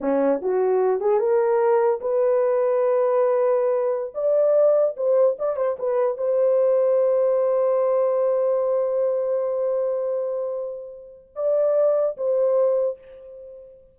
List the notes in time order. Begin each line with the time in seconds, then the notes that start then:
0.00 C#4
0.41 F#4
1.00 G#4
1.19 A#4
2.00 B4
4.14 D5
4.96 C5
5.38 D5
5.56 C5
5.78 B4
6.17 C5
11.35 D5
12.17 C5